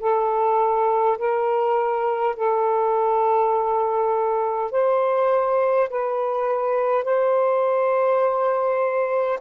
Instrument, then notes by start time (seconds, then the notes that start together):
saxophone
0.00 A4
1.18 A#4
2.36 A4
4.72 C5
5.90 B4
7.04 C5